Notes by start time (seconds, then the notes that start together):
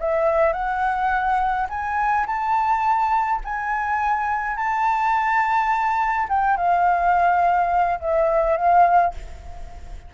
0.00 E5
0.53 F#5
1.70 G#5
2.27 A5
3.45 G#5
4.57 A5
6.29 G5
6.57 F5
8.01 E5
8.57 F5